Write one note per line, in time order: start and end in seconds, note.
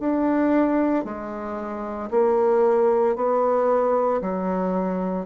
0.00 1.04 D4
1.04 2.10 G#3
2.11 3.16 A#3
3.16 4.21 B3
4.21 5.26 F#3